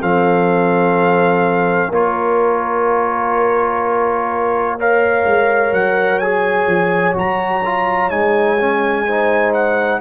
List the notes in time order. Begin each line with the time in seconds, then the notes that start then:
0.00 F3 C4 A4 F5
1.90 A#3 F4 A#4 C#5
4.78 A#4 C#5 F5
5.25 G#3
5.72 F#3 F#5
6.19 G#4 G#5
6.67 F3
7.13 F#3 F#4 A#5
7.64 F4
8.10 G#3 D#4 G#5
8.59 C#4
9.07 D#4 C5
9.54 F#5